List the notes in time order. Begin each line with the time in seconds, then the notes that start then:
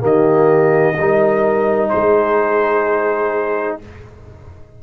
0.00 D#3 A#3 G4 D#5
0.97 G3 D#4 A#4
1.90 G#3 G#4 C5